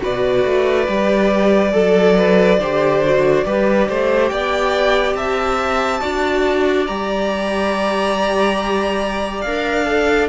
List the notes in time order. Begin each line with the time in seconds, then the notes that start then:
0.00 B2 F#4 B4 D5
0.45 A3
0.88 G3 G4
1.73 F#3 A4
2.17 B4
2.59 D3 G4 C5
3.06 F#4
3.45 G3 G4 B4
3.89 A3 C5
4.28 B3 D5 G5
5.15 C4 E5 A5
6.01 D4 F#4 D5
6.87 G3 G4 A#5
9.42 D4 A#4 F5
9.86 A4